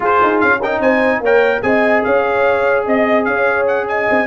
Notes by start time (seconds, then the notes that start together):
0.00 F4 G#4 C5
0.22 D#4
0.40 C#4 F5
0.60 D#4 A#4 G5
0.79 C4 C5 G#5
1.20 A#3 A#4 C#5 G5
1.62 C4 G#4 D#5 G#5
2.03 C#4 C#5 F5
2.86 C4 D#5
3.24 C#4 C#5 F5
3.67 F#5
3.88 D#5 G#5
4.09 C4